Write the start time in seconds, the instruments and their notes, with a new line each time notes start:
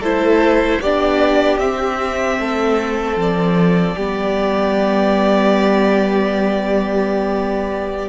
0.00 cello A3, viola E4, violin A4 C5
0.80 cello B3, viola D4, violin G4 D5
1.59 cello C4, viola C4, violin E5
2.37 cello A3, violin A4
3.16 cello F3, violin D5
3.96 cello G3, viola B3, violin G4